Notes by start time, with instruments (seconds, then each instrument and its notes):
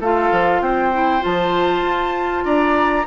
0.00 bassoon A3, clarinet F4, oboe A4, flute F5
0.32 bassoon F3
0.61 bassoon C4, oboe C5, flute G5
0.93 clarinet E4
1.21 bassoon F3, clarinet F4, flute A5
1.82 bassoon F4
2.45 bassoon D4, oboe D5, flute A#5